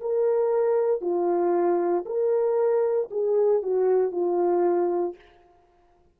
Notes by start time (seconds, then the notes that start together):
0.00 A#4
1.01 F4
2.05 A#4
3.10 G#4
3.62 F#4
4.11 F4